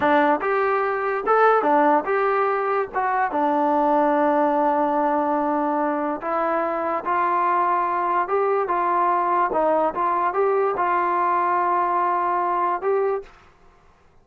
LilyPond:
\new Staff \with { instrumentName = "trombone" } { \time 4/4 \tempo 4 = 145 d'4 g'2 a'4 | d'4 g'2 fis'4 | d'1~ | d'2. e'4~ |
e'4 f'2. | g'4 f'2 dis'4 | f'4 g'4 f'2~ | f'2. g'4 | }